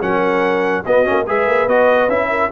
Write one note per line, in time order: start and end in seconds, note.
0.00 0.84 F#3
0.00 0.83 C#4
0.00 0.84 A#4
0.00 0.84 F#5
0.85 1.07 B3
0.85 1.04 B3
0.85 1.24 F#4
0.85 1.26 D#5
1.04 1.27 A#3
1.04 1.25 C#4
1.24 1.47 G#3
1.24 1.68 G#4
1.24 2.28 B4
1.24 1.68 E5
1.47 1.67 A#3
1.67 2.07 B3
1.67 2.09 F#4
1.67 2.09 D#5
2.07 2.49 C#4
2.07 2.50 E4
2.07 2.51 E5
2.29 2.50 A#4